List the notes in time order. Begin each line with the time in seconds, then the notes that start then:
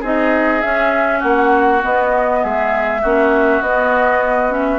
0.00 C4 D#4 G#4 D#5
0.60 C#4 E5
1.19 A#3 F#4 F#5
1.81 B3 D#5
2.42 G#3 G#4 E5
3.01 A#3 C#4 F#4
3.61 B3 D#5
4.49 C#4 E5